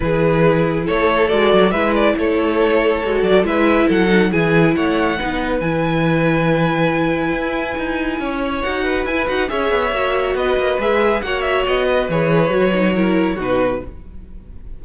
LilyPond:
<<
  \new Staff \with { instrumentName = "violin" } { \time 4/4 \tempo 4 = 139 b'2 cis''4 d''4 | e''8 d''8 cis''2~ cis''8 d''8 | e''4 fis''4 gis''4 fis''4~ | fis''4 gis''2.~ |
gis''1 | fis''4 gis''8 fis''8 e''2 | dis''4 e''4 fis''8 e''8 dis''4 | cis''2. b'4 | }
  \new Staff \with { instrumentName = "violin" } { \time 4/4 gis'2 a'2 | b'4 a'2. | b'4 a'4 gis'4 cis''4 | b'1~ |
b'2. cis''4~ | cis''8 b'4. cis''2 | b'2 cis''4. b'8~ | b'2 ais'4 fis'4 | }
  \new Staff \with { instrumentName = "viola" } { \time 4/4 e'2. fis'4 | e'2. fis'4 | e'4. dis'8 e'2 | dis'4 e'2.~ |
e'1 | fis'4 e'8 fis'8 gis'4 fis'4~ | fis'4 gis'4 fis'2 | gis'4 fis'8 dis'8 e'4 dis'4 | }
  \new Staff \with { instrumentName = "cello" } { \time 4/4 e2 a4 gis8 fis8 | gis4 a2 gis8 fis8 | gis4 fis4 e4 a4 | b4 e2.~ |
e4 e'4 dis'4 cis'4 | dis'4 e'8 dis'8 cis'8 b8 ais4 | b8 ais8 gis4 ais4 b4 | e4 fis2 b,4 | }
>>